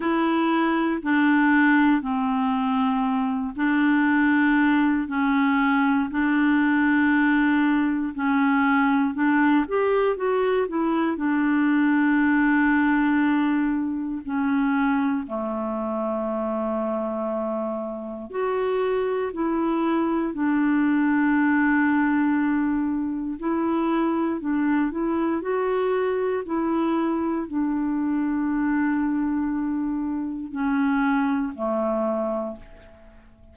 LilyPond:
\new Staff \with { instrumentName = "clarinet" } { \time 4/4 \tempo 4 = 59 e'4 d'4 c'4. d'8~ | d'4 cis'4 d'2 | cis'4 d'8 g'8 fis'8 e'8 d'4~ | d'2 cis'4 a4~ |
a2 fis'4 e'4 | d'2. e'4 | d'8 e'8 fis'4 e'4 d'4~ | d'2 cis'4 a4 | }